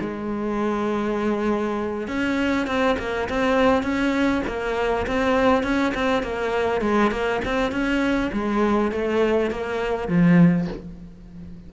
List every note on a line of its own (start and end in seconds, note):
0.00 2.08 G#3
2.08 2.67 C#4
2.67 2.96 C4
2.99 3.28 A#3
3.29 3.83 C4
3.83 4.42 C#4
4.47 5.06 A#3
5.07 5.63 C4
5.63 5.93 C#4
5.94 6.23 C4
6.23 6.81 A#3
6.81 7.11 G#3
7.11 7.41 A#3
7.45 7.71 C4
7.71 8.31 C#4
8.32 8.92 G#3
8.92 9.50 A3
9.50 10.08 A#3
10.08 10.67 F3